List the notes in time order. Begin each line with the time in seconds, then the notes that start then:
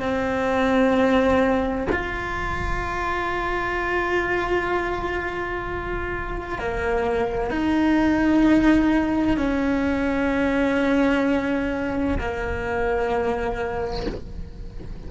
0.00 C4
1.92 F4
6.59 A#3
7.51 D#4
9.37 C#4
12.19 A#3